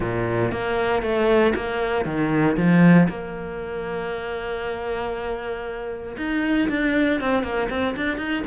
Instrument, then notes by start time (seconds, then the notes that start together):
cello
0.00 A#2
0.51 A#3
1.02 A3
1.55 A#3
2.05 D#3
2.56 F3
3.08 A#3
6.17 D#4
6.69 D4
7.20 C4
7.43 A#3
7.69 C4
7.96 D4
8.17 D#4